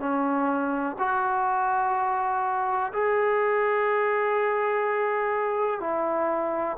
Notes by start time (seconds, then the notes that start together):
0.00 C#4
0.99 F#4
2.93 G#4
5.81 E4